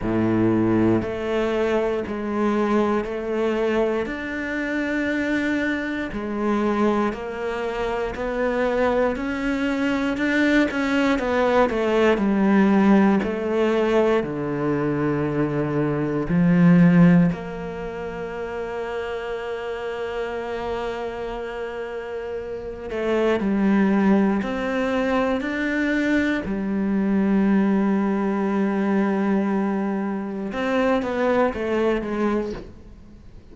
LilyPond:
\new Staff \with { instrumentName = "cello" } { \time 4/4 \tempo 4 = 59 a,4 a4 gis4 a4 | d'2 gis4 ais4 | b4 cis'4 d'8 cis'8 b8 a8 | g4 a4 d2 |
f4 ais2.~ | ais2~ ais8 a8 g4 | c'4 d'4 g2~ | g2 c'8 b8 a8 gis8 | }